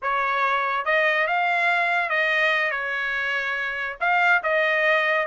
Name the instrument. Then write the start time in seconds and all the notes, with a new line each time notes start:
trumpet
0.02 C#5
0.85 D#5
1.27 F5
2.09 D#5
2.71 C#5
4.00 F5
4.43 D#5